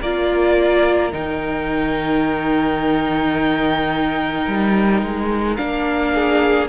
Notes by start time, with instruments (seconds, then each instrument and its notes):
0.00 cello A#3, viola F4, violin A#4 D5
1.12 cello D#3, viola D#4, violin G5
4.47 cello G3
5.03 cello G#3
5.56 cello A#3, viola D4, violin F5
6.14 violin G#4